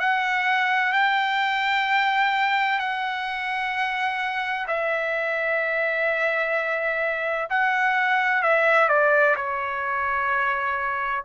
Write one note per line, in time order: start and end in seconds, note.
0.00 0.93 F#5
0.93 2.79 G5
2.79 4.67 F#5
4.67 7.49 E5
7.50 8.43 F#5
8.43 8.89 E5
8.89 9.36 D5
9.36 11.24 C#5